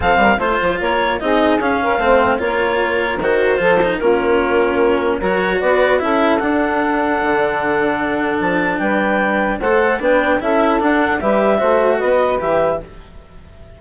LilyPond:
<<
  \new Staff \with { instrumentName = "clarinet" } { \time 4/4 \tempo 4 = 150 f''4 c''4 cis''4 dis''4 | f''2 cis''2 | c''2 ais'2~ | ais'4 cis''4 d''4 e''4 |
fis''1~ | fis''4 a''4 g''2 | fis''4 g''4 e''4 fis''4 | e''2 dis''4 e''4 | }
  \new Staff \with { instrumentName = "saxophone" } { \time 4/4 a'8 ais'8 c''4 ais'4 gis'4~ | gis'8 ais'8 c''4 ais'2~ | ais'4 a'4 f'2~ | f'4 ais'4 b'4 a'4~ |
a'1~ | a'2 b'2 | c''4 b'4 a'2 | b'4 c''4 b'2 | }
  \new Staff \with { instrumentName = "cello" } { \time 4/4 c'4 f'2 dis'4 | cis'4 c'4 f'2 | fis'4 f'8 dis'8 cis'2~ | cis'4 fis'2 e'4 |
d'1~ | d'1 | a'4 d'4 e'4 d'4 | g'4 fis'2 g'4 | }
  \new Staff \with { instrumentName = "bassoon" } { \time 4/4 f8 g8 a8 f8 ais4 c'4 | cis'4 a4 ais2 | dis4 f4 ais2~ | ais4 fis4 b4 cis'4 |
d'2 d2~ | d4 f4 g2 | a4 b4 cis'4 d'4 | g4 a4 b4 e4 | }
>>